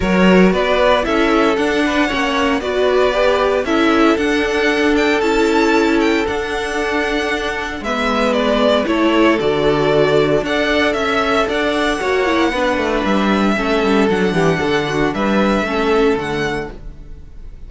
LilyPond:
<<
  \new Staff \with { instrumentName = "violin" } { \time 4/4 \tempo 4 = 115 cis''4 d''4 e''4 fis''4~ | fis''4 d''2 e''4 | fis''4. g''8 a''4. g''8 | fis''2. e''4 |
d''4 cis''4 d''2 | fis''4 e''4 fis''2~ | fis''4 e''2 fis''4~ | fis''4 e''2 fis''4 | }
  \new Staff \with { instrumentName = "violin" } { \time 4/4 ais'4 b'4 a'4. b'8 | cis''4 b'2 a'4~ | a'1~ | a'2. b'4~ |
b'4 a'2. | d''4 e''4 d''4 cis''4 | b'2 a'4. g'8 | a'8 fis'8 b'4 a'2 | }
  \new Staff \with { instrumentName = "viola" } { \time 4/4 fis'2 e'4 d'4 | cis'4 fis'4 g'4 e'4 | d'2 e'2 | d'2. b4~ |
b4 e'4 fis'2 | a'2. fis'8 e'8 | d'2 cis'4 d'4~ | d'2 cis'4 a4 | }
  \new Staff \with { instrumentName = "cello" } { \time 4/4 fis4 b4 cis'4 d'4 | ais4 b2 cis'4 | d'2 cis'2 | d'2. gis4~ |
gis4 a4 d2 | d'4 cis'4 d'4 ais4 | b8 a8 g4 a8 g8 fis8 e8 | d4 g4 a4 d4 | }
>>